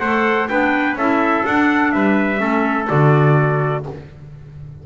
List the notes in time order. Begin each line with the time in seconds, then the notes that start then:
0.00 A3 A4 C5 F#5
0.48 B3 D4 B4 G5
0.95 C#4 E4 A4 E5
1.44 D4 F#5
1.92 G3 B4 E5
2.37 A3 C#4 A4
2.88 D3 F#4 D5